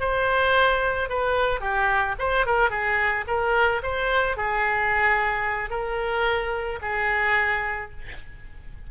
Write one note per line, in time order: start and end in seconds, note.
0.00 1.09 C5
1.09 1.60 B4
1.60 2.15 G4
2.18 2.46 C5
2.46 2.70 A#4
2.70 3.25 G#4
3.27 3.82 A#4
3.83 4.37 C5
4.37 5.70 G#4
5.70 6.79 A#4
6.81 7.90 G#4